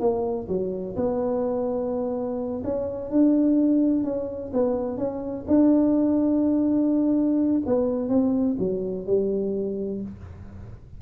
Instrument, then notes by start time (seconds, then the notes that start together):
tuba
0.00 A#3
0.48 F#3
0.96 B3
2.64 C#4
3.10 D4
4.04 C#4
4.53 B3
4.97 C#4
5.47 D4
7.66 B3
8.09 C4
8.59 F#3
9.06 G3